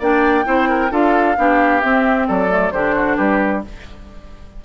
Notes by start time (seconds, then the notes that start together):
0.00 A#3 D4 D5 G5
0.45 C4 E4 C5
0.70 A#4
0.91 D4 F4 A4 F5
1.37 B3 D4 G4
1.81 C4 E5
2.28 F#3 A4 D5
2.49 A3
2.72 D3 D4 G4 C5
2.95 F#4
3.16 G3 G4 B4